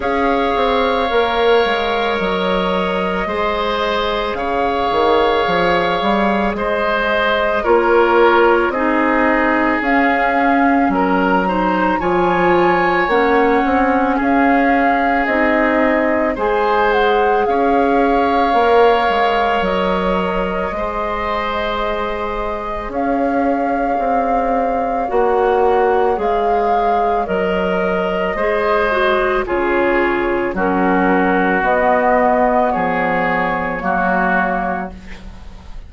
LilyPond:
<<
  \new Staff \with { instrumentName = "flute" } { \time 4/4 \tempo 4 = 55 f''2 dis''2 | f''2 dis''4 cis''4 | dis''4 f''4 ais''4 gis''4 | fis''4 f''4 dis''4 gis''8 fis''8 |
f''2 dis''2~ | dis''4 f''2 fis''4 | f''4 dis''2 cis''4 | ais'4 dis''4 cis''2 | }
  \new Staff \with { instrumentName = "oboe" } { \time 4/4 cis''2. c''4 | cis''2 c''4 ais'4 | gis'2 ais'8 c''8 cis''4~ | cis''4 gis'2 c''4 |
cis''2. c''4~ | c''4 cis''2.~ | cis''2 c''4 gis'4 | fis'2 gis'4 fis'4 | }
  \new Staff \with { instrumentName = "clarinet" } { \time 4/4 gis'4 ais'2 gis'4~ | gis'2. f'4 | dis'4 cis'4. dis'8 f'4 | cis'2 dis'4 gis'4~ |
gis'4 ais'2 gis'4~ | gis'2. fis'4 | gis'4 ais'4 gis'8 fis'8 f'4 | cis'4 b2 ais4 | }
  \new Staff \with { instrumentName = "bassoon" } { \time 4/4 cis'8 c'8 ais8 gis8 fis4 gis4 | cis8 dis8 f8 g8 gis4 ais4 | c'4 cis'4 fis4 f4 | ais8 c'8 cis'4 c'4 gis4 |
cis'4 ais8 gis8 fis4 gis4~ | gis4 cis'4 c'4 ais4 | gis4 fis4 gis4 cis4 | fis4 b4 f4 fis4 | }
>>